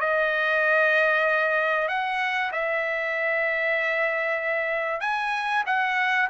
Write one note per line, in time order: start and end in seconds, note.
0.00 1.88 D#5
1.88 2.51 F#5
2.52 5.01 E5
5.01 5.64 G#5
5.66 6.29 F#5